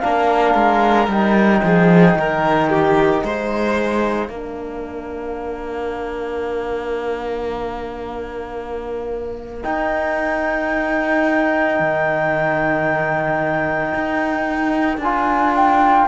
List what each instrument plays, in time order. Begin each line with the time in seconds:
0.00 cello A#3, trombone D4, violin A#4, flute F5
0.55 cello G#3
1.08 cello G3, trombone D#4, flute G5
1.64 cello F3, violin G#4
2.15 cello D#3, violin A#4
2.71 violin G4
3.23 cello G#3, violin C5, flute F5
4.29 cello A#3, trombone D4, violin A#4
9.64 trombone D#4, cello D#4, flute G5
11.80 cello D#3
13.95 cello D#4
14.98 cello D4, flute G#5
15.04 trombone F4
15.56 flute G5